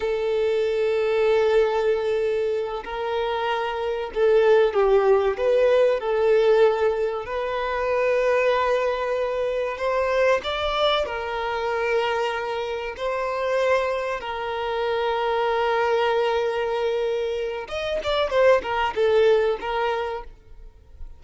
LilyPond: \new Staff \with { instrumentName = "violin" } { \time 4/4 \tempo 4 = 95 a'1~ | a'8 ais'2 a'4 g'8~ | g'8 b'4 a'2 b'8~ | b'2.~ b'8 c''8~ |
c''8 d''4 ais'2~ ais'8~ | ais'8 c''2 ais'4.~ | ais'1 | dis''8 d''8 c''8 ais'8 a'4 ais'4 | }